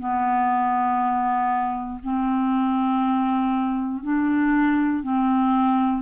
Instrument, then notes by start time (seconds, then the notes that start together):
clarinet
0.00 B3
2.04 C4
4.04 D4
5.03 C4